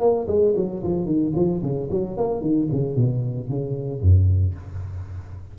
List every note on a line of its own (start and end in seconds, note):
0.00 0.27 A#3
0.28 0.54 G#3
0.56 0.83 F#3
0.83 1.06 F3
1.06 1.32 D#3
1.35 1.62 F3
1.62 1.89 C#3
1.90 2.17 F#3
2.17 2.41 A#3
2.41 2.68 D#3
2.72 2.96 C#3
2.96 3.49 B2
3.49 4.01 C#3
4.01 4.55 F#2